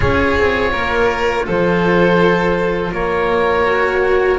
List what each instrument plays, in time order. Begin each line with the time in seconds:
0.00 double bass C#4, cello F4, violin G#4, oboe C#5
0.37 double bass C4
0.72 double bass A#3, violin A#4
1.45 double bass F3, violin A4, oboe C5
2.92 double bass A#3, violin A#4, oboe C#5
3.66 cello F#4